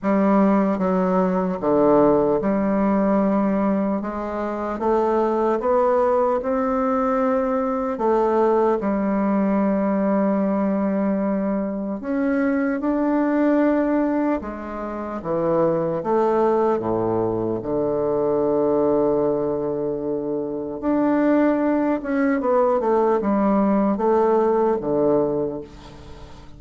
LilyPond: \new Staff \with { instrumentName = "bassoon" } { \time 4/4 \tempo 4 = 75 g4 fis4 d4 g4~ | g4 gis4 a4 b4 | c'2 a4 g4~ | g2. cis'4 |
d'2 gis4 e4 | a4 a,4 d2~ | d2 d'4. cis'8 | b8 a8 g4 a4 d4 | }